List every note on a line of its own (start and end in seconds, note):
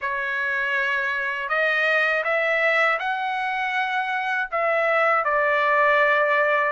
0.01 1.48 C#5
1.48 2.23 D#5
2.24 2.99 E5
2.99 4.49 F#5
4.51 5.24 E5
5.24 6.72 D5